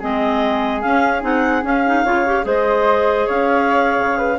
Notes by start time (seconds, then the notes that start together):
0.00 G#3 C4 G#4 D#5
0.81 C#4 F5
1.21 C4 D#4 F#5
1.62 C#4 F5
1.86 D#4
2.04 C#3 F4 C#5
2.26 G4
2.43 G#3 G#4 C5 D#5
3.27 C#4 C#5 F5
3.98 C#3
4.18 B4